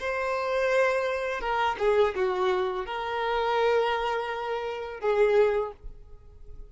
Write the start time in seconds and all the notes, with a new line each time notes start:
0.00 C5
1.41 A#4
1.79 G#4
2.15 F#4
2.86 A#4
5.01 G#4